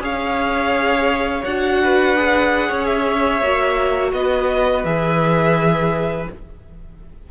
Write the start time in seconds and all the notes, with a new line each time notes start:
0.00 C#4 G#4 C#5 F5
1.44 D4 F#4 F#5
1.83 B4
2.17 G#4
2.68 C#4 C#5
2.86 E5
3.41 A#3 F#4
4.13 B3 B4 D#5
4.84 E3 G#4 E5